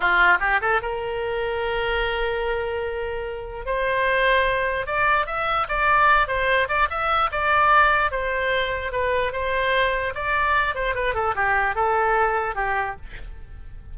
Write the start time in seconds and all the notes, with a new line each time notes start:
0.00 F4
0.40 G4
0.61 A4
0.82 A#4
3.65 C5
4.86 D5
5.26 E5
5.68 D5
6.27 C5
6.68 D5
6.90 E5
7.31 D5
8.11 C5
8.92 B4
9.32 C5
10.14 D5
10.74 C5
10.95 B4
11.14 A4
11.35 G4
11.75 A4
12.55 G4